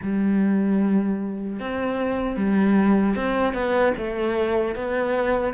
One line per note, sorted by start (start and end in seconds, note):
0.02 1.59 G3
1.59 2.36 C4
2.36 3.15 G3
3.15 3.53 C4
3.53 3.93 B3
3.97 4.75 A3
4.75 5.53 B3